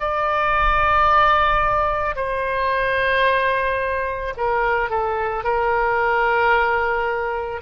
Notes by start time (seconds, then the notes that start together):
0.00 D5
2.16 C5
4.37 A#4
4.90 A4
5.44 A#4